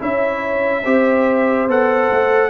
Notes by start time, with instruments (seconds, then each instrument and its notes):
0.00 tuba C#4, trombone E4, horn C#5, trumpet E5
0.84 tuba C4, trombone G4, horn C5
1.69 tuba B3, trombone A4, trumpet F#5
2.11 tuba A3